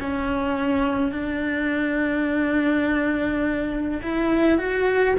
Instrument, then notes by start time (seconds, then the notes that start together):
cello
0.00 C#4
1.12 D4
4.03 E4
4.58 F#4